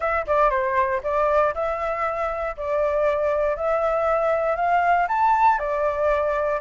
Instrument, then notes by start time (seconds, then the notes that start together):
flute
0.00 E5
0.27 D5
0.50 C5
1.03 D5
1.54 E5
2.56 D5
3.56 E5
4.56 F5
5.07 A5
5.58 D5